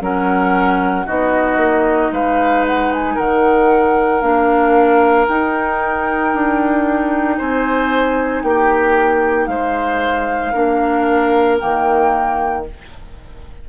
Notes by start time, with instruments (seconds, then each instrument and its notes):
0.00 bassoon F#3, clarinet C#4, oboe A#4, flute F#5
1.06 bassoon B3, clarinet D#4, oboe F#4, flute D#5
1.57 bassoon A#3
2.11 bassoon G#3, oboe B4, flute F5
2.66 flute F#5
2.93 flute G#5
3.14 bassoon D#3, oboe A#4, flute F#5
4.21 bassoon A#3, clarinet D4, flute F5
5.27 clarinet D#4, bassoon D#4, flute G5
6.34 bassoon D4
7.37 bassoon C4, oboe C5, flute G#5
8.43 bassoon A#3, oboe G4, flute G5
9.46 bassoon G#3, oboe C5, flute F5
10.53 bassoon A#3, clarinet D4, oboe A#4
11.59 bassoon D#3, clarinet A#3, flute G5